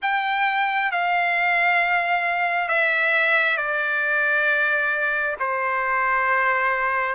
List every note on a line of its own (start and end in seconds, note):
0.02 0.91 G5
0.91 2.68 F5
2.68 3.57 E5
3.57 5.36 D5
5.39 7.15 C5